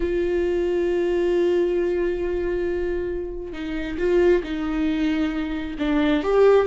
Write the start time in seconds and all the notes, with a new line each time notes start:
0.00 F4
3.52 D#4
3.98 F4
4.43 D#4
5.79 D4
6.23 G4